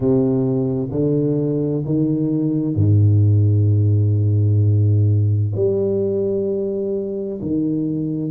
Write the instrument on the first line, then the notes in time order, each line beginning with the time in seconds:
tuba
0.00 C3
0.91 D3
1.85 D#3
2.75 G#2
5.55 G3
7.41 D#3